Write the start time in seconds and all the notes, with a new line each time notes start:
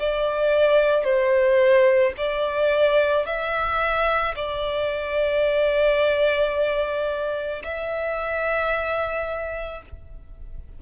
0.00 D5
1.04 C5
2.17 D5
3.26 E5
4.36 D5
7.64 E5